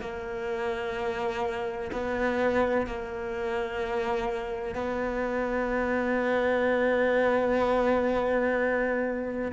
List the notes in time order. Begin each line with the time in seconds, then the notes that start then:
0.00 A#3
1.92 B3
2.86 A#3
4.74 B3